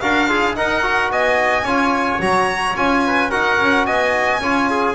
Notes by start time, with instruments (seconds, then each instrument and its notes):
0.00 double bass D4, trombone F#4, trumpet A#4, violin F5
0.28 trombone F4, trumpet G#4
0.55 trombone D#4, double bass D#4, trumpet A#4, violin F#5
0.82 trombone F#4
1.10 double bass B3, trumpet D#5, violin G#5
1.63 double bass C#4, trombone F4, trumpet C#5
2.19 double bass F#3, trombone F#4, violin A#5
2.75 double bass C#4, trombone F4, violin G#5
3.06 trumpet B4
3.30 double bass D#4, trombone F#4, trumpet A#4, violin F#5
3.60 double bass C#4
3.85 double bass B3, trumpet D#5, violin G#5
4.39 double bass C#4, trombone F4, trumpet C#5
4.70 trumpet G#4